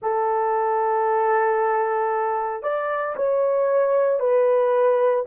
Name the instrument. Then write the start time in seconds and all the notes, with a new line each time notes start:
horn
0.02 A4
2.63 D5
3.16 C#5
4.19 B4